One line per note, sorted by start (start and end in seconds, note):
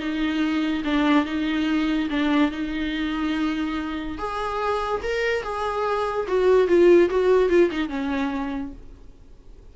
0.00 0.83 D#4
0.85 1.26 D4
1.26 2.09 D#4
2.10 2.52 D4
2.52 4.18 D#4
4.18 5.02 G#4
5.03 5.43 A#4
5.43 6.27 G#4
6.28 6.68 F#4
6.68 7.09 F4
7.10 7.49 F#4
7.49 7.70 F4
7.71 7.89 D#4
7.89 8.73 C#4